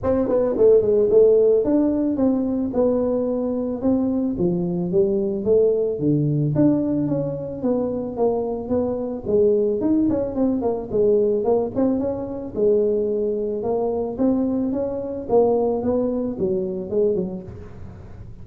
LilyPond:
\new Staff \with { instrumentName = "tuba" } { \time 4/4 \tempo 4 = 110 c'8 b8 a8 gis8 a4 d'4 | c'4 b2 c'4 | f4 g4 a4 d4 | d'4 cis'4 b4 ais4 |
b4 gis4 dis'8 cis'8 c'8 ais8 | gis4 ais8 c'8 cis'4 gis4~ | gis4 ais4 c'4 cis'4 | ais4 b4 fis4 gis8 fis8 | }